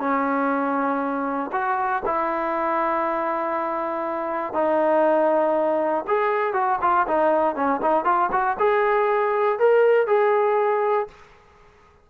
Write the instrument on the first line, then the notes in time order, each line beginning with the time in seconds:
trombone
0.00 C#4
1.53 F#4
2.06 E4
4.54 D#4
6.08 G#4
6.54 F#4
6.82 F4
7.08 D#4
7.56 C#4
7.82 D#4
8.05 F4
8.32 F#4
8.59 G#4
9.59 A#4
10.07 G#4